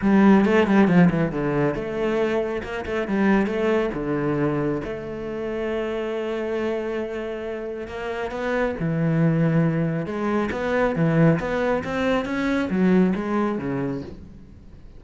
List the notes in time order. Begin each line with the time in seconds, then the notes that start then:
0.01 G3
0.45 A3
0.67 G3
0.87 F3
1.09 E3
1.31 D3
1.74 A3
2.63 A#3
2.85 A3
3.07 G3
3.46 A3
3.94 D3
4.84 A3
7.87 A#3
8.31 B3
8.79 E3
10.06 G#3
10.51 B3
10.95 E3
11.39 B3
11.83 C4
12.25 C#4
12.69 F#3
13.15 G#3
13.58 C#3